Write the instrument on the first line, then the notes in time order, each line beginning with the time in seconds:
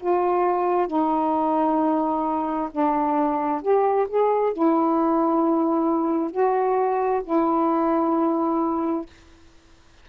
saxophone
0.00 F4
0.88 D#4
2.71 D4
3.62 G4
4.09 G#4
4.53 E4
6.31 F#4
7.24 E4